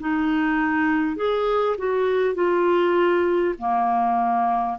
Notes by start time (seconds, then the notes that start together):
0.00 D#4
1.17 G#4
1.78 F#4
2.35 F4
3.59 A#3